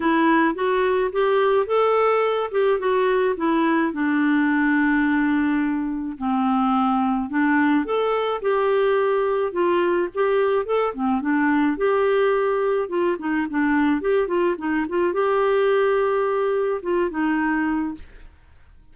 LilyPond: \new Staff \with { instrumentName = "clarinet" } { \time 4/4 \tempo 4 = 107 e'4 fis'4 g'4 a'4~ | a'8 g'8 fis'4 e'4 d'4~ | d'2. c'4~ | c'4 d'4 a'4 g'4~ |
g'4 f'4 g'4 a'8 c'8 | d'4 g'2 f'8 dis'8 | d'4 g'8 f'8 dis'8 f'8 g'4~ | g'2 f'8 dis'4. | }